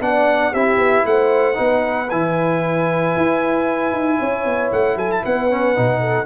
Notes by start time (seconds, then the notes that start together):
0.00 B3 D4 D5 F#5
0.52 C4 E4 G4 E5
0.77 B3
1.05 A3 C5 F#5
1.54 B3 D#4 B4
2.10 E3 E4 G#5
3.16 E4
3.92 D#4
4.19 C#4 C#5
4.45 B3
4.72 A3 F#5
4.96 F#3 A4 G#5
5.11 A5
5.23 B3 B4 F#5
5.50 C#4
5.75 B2 D#4
6.00 A4